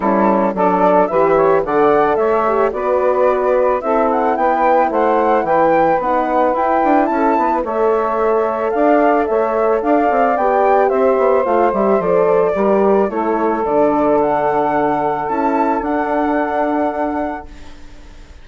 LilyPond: <<
  \new Staff \with { instrumentName = "flute" } { \time 4/4 \tempo 4 = 110 a'4 d''4 e''4 fis''4 | e''4 d''2 e''8 fis''8 | g''4 fis''4 g''4 fis''4 | g''4 a''4 e''2 |
f''4 e''4 f''4 g''4 | e''4 f''8 e''8 d''2 | cis''4 d''4 fis''2 | a''4 fis''2. | }
  \new Staff \with { instrumentName = "saxophone" } { \time 4/4 e'4 a'4 b'8 cis''8 d''4 | cis''4 b'2 a'4 | b'4 c''4 b'2~ | b'4 a'8 b'8 cis''2 |
d''4 cis''4 d''2 | c''2. ais'4 | a'1~ | a'1 | }
  \new Staff \with { instrumentName = "horn" } { \time 4/4 cis'4 d'4 g'4 a'4~ | a'8 g'8 fis'2 e'4~ | e'2. dis'4 | e'2 a'2~ |
a'2. g'4~ | g'4 f'8 g'8 a'4 g'4 | e'4 d'2. | e'4 d'2. | }
  \new Staff \with { instrumentName = "bassoon" } { \time 4/4 g4 fis4 e4 d4 | a4 b2 c'4 | b4 a4 e4 b4 | e'8 d'8 cis'8 b8 a2 |
d'4 a4 d'8 c'8 b4 | c'8 b8 a8 g8 f4 g4 | a4 d2. | cis'4 d'2. | }
>>